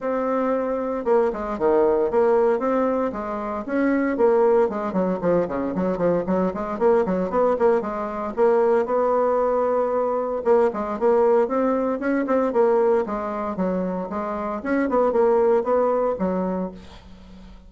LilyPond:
\new Staff \with { instrumentName = "bassoon" } { \time 4/4 \tempo 4 = 115 c'2 ais8 gis8 dis4 | ais4 c'4 gis4 cis'4 | ais4 gis8 fis8 f8 cis8 fis8 f8 | fis8 gis8 ais8 fis8 b8 ais8 gis4 |
ais4 b2. | ais8 gis8 ais4 c'4 cis'8 c'8 | ais4 gis4 fis4 gis4 | cis'8 b8 ais4 b4 fis4 | }